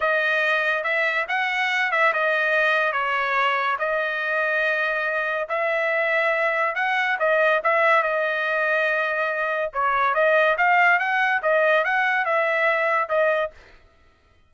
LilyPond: \new Staff \with { instrumentName = "trumpet" } { \time 4/4 \tempo 4 = 142 dis''2 e''4 fis''4~ | fis''8 e''8 dis''2 cis''4~ | cis''4 dis''2.~ | dis''4 e''2. |
fis''4 dis''4 e''4 dis''4~ | dis''2. cis''4 | dis''4 f''4 fis''4 dis''4 | fis''4 e''2 dis''4 | }